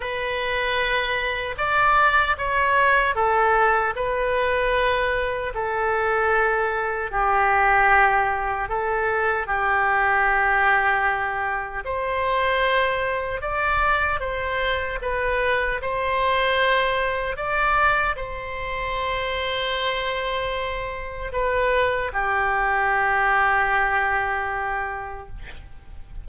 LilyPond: \new Staff \with { instrumentName = "oboe" } { \time 4/4 \tempo 4 = 76 b'2 d''4 cis''4 | a'4 b'2 a'4~ | a'4 g'2 a'4 | g'2. c''4~ |
c''4 d''4 c''4 b'4 | c''2 d''4 c''4~ | c''2. b'4 | g'1 | }